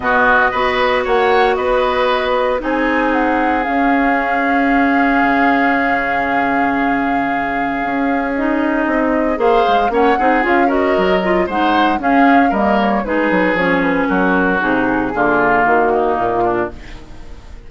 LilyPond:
<<
  \new Staff \with { instrumentName = "flute" } { \time 4/4 \tempo 4 = 115 dis''2 fis''4 dis''4~ | dis''4 gis''4 fis''4 f''4~ | f''1~ | f''1 |
dis''2 f''4 fis''4 | f''8 dis''4. fis''4 f''4 | dis''8 cis''8 b'4 cis''8 b'8 ais'4 | gis'2 fis'4 f'4 | }
  \new Staff \with { instrumentName = "oboe" } { \time 4/4 fis'4 b'4 cis''4 b'4~ | b'4 gis'2.~ | gis'1~ | gis'1~ |
gis'2 c''4 cis''8 gis'8~ | gis'8 ais'4. c''4 gis'4 | ais'4 gis'2 fis'4~ | fis'4 f'4. dis'4 d'8 | }
  \new Staff \with { instrumentName = "clarinet" } { \time 4/4 b4 fis'2.~ | fis'4 dis'2 cis'4~ | cis'1~ | cis'1 |
dis'2 gis'4 cis'8 dis'8 | f'8 fis'4 f'8 dis'4 cis'4 | ais4 dis'4 cis'2 | dis'4 ais2. | }
  \new Staff \with { instrumentName = "bassoon" } { \time 4/4 b,4 b4 ais4 b4~ | b4 c'2 cis'4~ | cis'2 cis2~ | cis2. cis'4~ |
cis'4 c'4 ais8 gis8 ais8 c'8 | cis'4 fis4 gis4 cis'4 | g4 gis8 fis8 f4 fis4 | c4 d4 dis4 ais,4 | }
>>